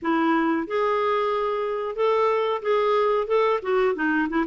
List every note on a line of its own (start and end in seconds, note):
0.02 0.67 E4
0.67 1.95 G#4
1.95 2.61 A4
2.62 3.27 G#4
3.27 3.60 A4
3.62 3.95 F#4
3.95 4.28 D#4
4.29 4.45 E4